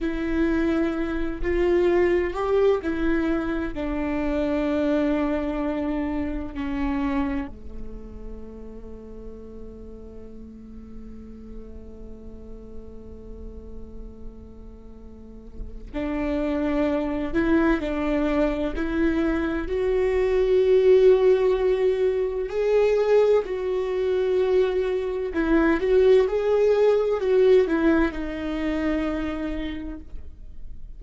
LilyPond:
\new Staff \with { instrumentName = "viola" } { \time 4/4 \tempo 4 = 64 e'4. f'4 g'8 e'4 | d'2. cis'4 | a1~ | a1~ |
a4 d'4. e'8 d'4 | e'4 fis'2. | gis'4 fis'2 e'8 fis'8 | gis'4 fis'8 e'8 dis'2 | }